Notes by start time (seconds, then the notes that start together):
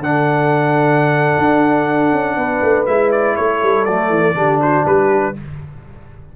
0.00 D3 D4 A4 F#5
1.38 D4
2.13 C#4
2.37 B3 B4
2.62 A3
2.86 G#3 E4 E5
3.12 D5
3.36 A3 A4 C#5
3.63 G3
3.85 F#3 A3 D5
4.10 E3
4.35 D3 D4 G4
4.61 F#4 C5
4.86 G3 G4 B4